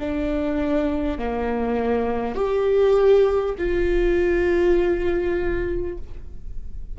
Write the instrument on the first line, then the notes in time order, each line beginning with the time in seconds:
viola
0.00 D4
1.18 A#3
2.35 G4
3.58 F4